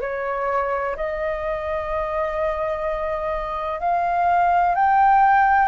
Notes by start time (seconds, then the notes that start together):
0.00 C#5
0.96 D#5
3.80 F5
4.74 G5